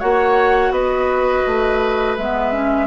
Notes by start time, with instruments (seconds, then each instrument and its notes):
0.00 bassoon A#3, clarinet F#4, oboe C#5, flute F#5
0.70 bassoon B3, oboe B4, flute D#5
1.47 bassoon A3
2.17 bassoon G#3, clarinet B3, flute E5
2.52 clarinet C#4